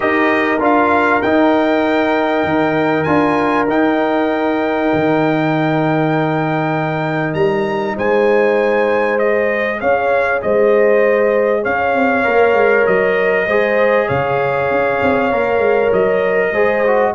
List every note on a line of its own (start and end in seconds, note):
0.00 0.59 D#4
0.00 0.58 G4
0.00 7.95 A#4
0.00 0.60 D#5
0.59 1.20 D4
0.59 1.21 F4
0.59 1.22 F5
1.22 2.44 D#4
1.22 3.05 D#4
1.22 3.03 G5
2.44 3.05 D#3
3.03 3.68 D4
3.03 3.66 F4
3.03 3.64 G#5
3.68 4.90 D#4
3.68 9.19 D#4
3.68 7.34 G5
4.93 7.33 D#3
7.33 7.95 G3
7.33 7.95 A#5
7.95 9.81 G#3
7.95 9.79 C5
7.95 9.18 G#5
9.18 12.23 G#4
9.18 9.79 D#5
9.80 10.42 C#4
9.80 10.42 C#5
9.80 10.41 F5
10.41 11.65 G#3
10.41 11.62 C5
10.41 11.64 D#5
11.62 11.95 C#4
11.62 13.46 C#5
11.62 12.86 F5
11.95 12.25 C4
12.23 12.53 A#3
12.23 13.46 A#4
12.53 12.84 G#3
12.86 13.47 F#3
12.86 14.08 D#5
13.46 14.08 G#3
13.46 15.31 G#4
13.46 14.07 C5
14.07 14.70 C#3
14.07 16.51 C#5
14.07 15.92 F5
14.70 15.01 C#4
15.02 15.32 C4
15.31 15.58 A#3
15.31 16.53 A#4
15.58 15.89 G#3
15.92 16.51 F#3
15.92 17.14 D#5
16.51 17.12 G#3
16.51 16.84 G#4
16.51 17.14 C5
16.86 17.14 F#4